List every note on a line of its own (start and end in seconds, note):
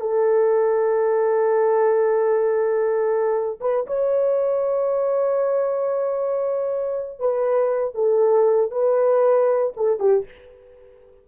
0.00 3.59 A4
3.60 3.86 B4
3.86 7.19 C#5
7.19 7.94 B4
7.94 8.71 A4
8.71 9.73 B4
9.76 9.99 A4
9.99 10.25 G4